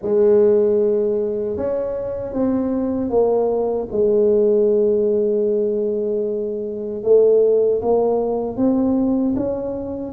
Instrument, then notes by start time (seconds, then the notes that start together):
tuba
0.02 G#3
1.56 C#4
2.33 C4
3.10 A#3
3.91 G#3
7.03 A3
7.81 A#3
8.56 C4
9.36 C#4